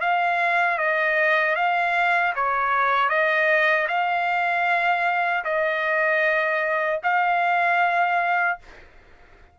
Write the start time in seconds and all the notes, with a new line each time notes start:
0.00 F5
0.78 D#5
1.55 F5
2.35 C#5
3.09 D#5
3.88 F5
5.44 D#5
7.03 F5